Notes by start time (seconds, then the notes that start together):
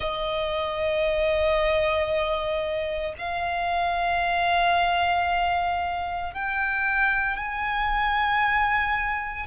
0.00 D#5
3.18 F5
6.33 G5
7.36 G#5